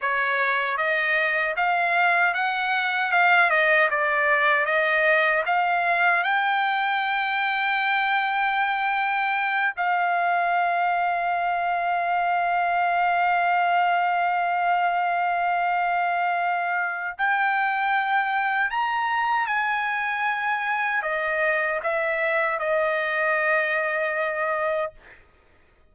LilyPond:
\new Staff \with { instrumentName = "trumpet" } { \time 4/4 \tempo 4 = 77 cis''4 dis''4 f''4 fis''4 | f''8 dis''8 d''4 dis''4 f''4 | g''1~ | g''8 f''2.~ f''8~ |
f''1~ | f''2 g''2 | ais''4 gis''2 dis''4 | e''4 dis''2. | }